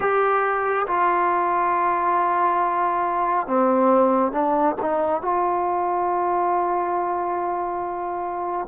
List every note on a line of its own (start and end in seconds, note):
0.00 0.86 G4
0.87 3.47 F4
3.47 4.32 C4
4.32 4.75 D4
4.81 5.21 D#4
5.21 8.67 F4